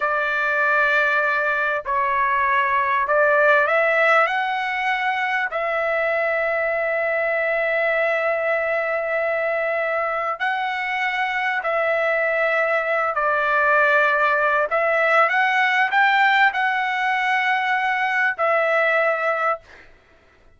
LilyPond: \new Staff \with { instrumentName = "trumpet" } { \time 4/4 \tempo 4 = 98 d''2. cis''4~ | cis''4 d''4 e''4 fis''4~ | fis''4 e''2.~ | e''1~ |
e''4 fis''2 e''4~ | e''4. d''2~ d''8 | e''4 fis''4 g''4 fis''4~ | fis''2 e''2 | }